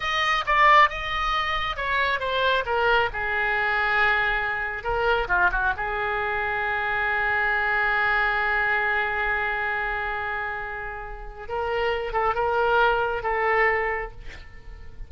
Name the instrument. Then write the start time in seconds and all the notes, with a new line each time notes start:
oboe
0.00 D#5
0.46 D5
0.89 D#5
1.76 C#5
2.19 C5
2.65 A#4
3.13 G#4
4.83 A#4
5.28 F4
5.51 F#4
5.76 G#4
11.48 A#4
12.13 A4
12.34 A#4
13.23 A4